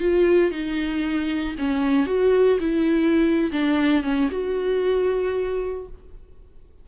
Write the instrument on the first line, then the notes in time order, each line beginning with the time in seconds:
viola
0.00 F4
0.51 D#4
1.58 C#4
2.07 F#4
2.60 E4
3.52 D4
4.03 C#4
4.31 F#4